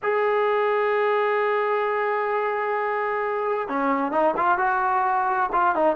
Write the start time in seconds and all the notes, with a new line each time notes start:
0.02 G#4
3.68 C#4
4.11 D#4
4.36 F4
4.58 F#4
5.52 F4
5.75 D#4